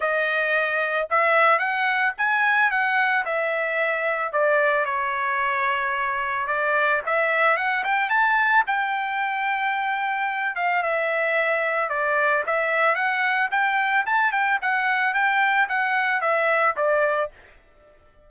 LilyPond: \new Staff \with { instrumentName = "trumpet" } { \time 4/4 \tempo 4 = 111 dis''2 e''4 fis''4 | gis''4 fis''4 e''2 | d''4 cis''2. | d''4 e''4 fis''8 g''8 a''4 |
g''2.~ g''8 f''8 | e''2 d''4 e''4 | fis''4 g''4 a''8 g''8 fis''4 | g''4 fis''4 e''4 d''4 | }